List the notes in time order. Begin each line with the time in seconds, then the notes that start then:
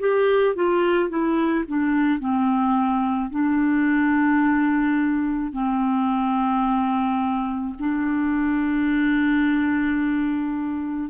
0.00 G4
0.56 F4
1.10 E4
1.68 D4
2.20 C4
3.31 D4
5.53 C4
7.80 D4